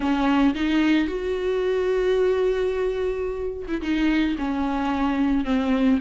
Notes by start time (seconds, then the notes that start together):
0.00 C#4
0.55 D#4
1.07 F#4
3.67 E4
3.81 D#4
4.38 C#4
5.44 C4